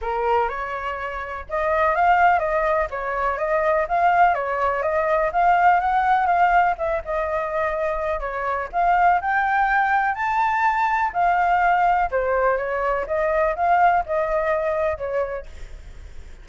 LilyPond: \new Staff \with { instrumentName = "flute" } { \time 4/4 \tempo 4 = 124 ais'4 cis''2 dis''4 | f''4 dis''4 cis''4 dis''4 | f''4 cis''4 dis''4 f''4 | fis''4 f''4 e''8 dis''4.~ |
dis''4 cis''4 f''4 g''4~ | g''4 a''2 f''4~ | f''4 c''4 cis''4 dis''4 | f''4 dis''2 cis''4 | }